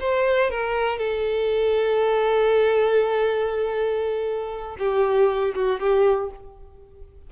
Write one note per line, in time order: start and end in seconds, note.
0.00 0.50 C5
0.50 0.99 A#4
0.99 4.77 A4
4.79 5.54 G4
5.55 5.80 F#4
5.80 6.30 G4